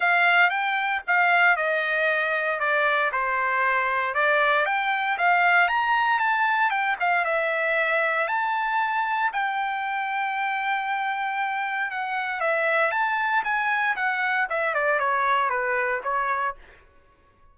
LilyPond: \new Staff \with { instrumentName = "trumpet" } { \time 4/4 \tempo 4 = 116 f''4 g''4 f''4 dis''4~ | dis''4 d''4 c''2 | d''4 g''4 f''4 ais''4 | a''4 g''8 f''8 e''2 |
a''2 g''2~ | g''2. fis''4 | e''4 a''4 gis''4 fis''4 | e''8 d''8 cis''4 b'4 cis''4 | }